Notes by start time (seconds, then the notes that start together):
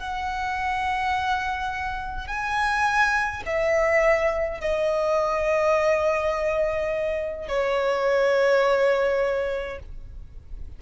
0.00 F#5
2.28 G#5
3.46 E5
4.61 D#5
7.49 C#5